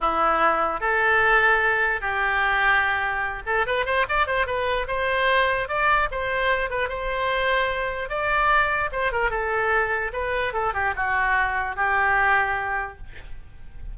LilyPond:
\new Staff \with { instrumentName = "oboe" } { \time 4/4 \tempo 4 = 148 e'2 a'2~ | a'4 g'2.~ | g'8 a'8 b'8 c''8 d''8 c''8 b'4 | c''2 d''4 c''4~ |
c''8 b'8 c''2. | d''2 c''8 ais'8 a'4~ | a'4 b'4 a'8 g'8 fis'4~ | fis'4 g'2. | }